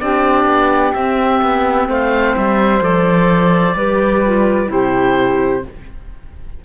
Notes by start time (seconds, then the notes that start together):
0.00 C4 D4 G4 D5
0.46 B3
0.94 C4 E5
1.42 B3
1.88 A3 C5 F5
2.37 G3 E5
2.80 F3 A4 D5
3.75 G3 G4 B4
4.26 F4
4.67 C3 E4 G4 C5